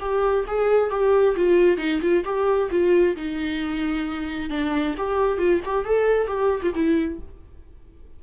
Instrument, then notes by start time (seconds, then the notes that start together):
viola
0.00 G4
0.48 G#4
0.90 G4
1.36 F4
1.78 D#4
2.02 F4
2.25 G4
2.71 F4
3.16 D#4
4.50 D4
4.98 G4
5.38 F4
5.65 G4
5.85 A4
6.27 G4
6.63 F4
6.75 E4